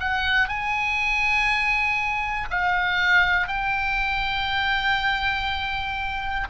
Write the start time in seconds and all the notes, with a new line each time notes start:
0.00 F#5
0.49 G#5
2.50 F5
3.48 G5